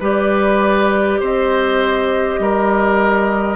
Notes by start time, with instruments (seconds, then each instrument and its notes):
0.00 bassoon G3, clarinet G4, oboe B4, flute D5
1.20 bassoon C4, oboe C5, flute D#5
2.40 bassoon G3, oboe A#4